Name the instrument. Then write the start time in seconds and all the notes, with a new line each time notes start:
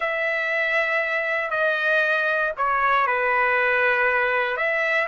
trumpet
0.00 E5
1.50 D#5
2.57 C#5
3.06 B4
4.56 E5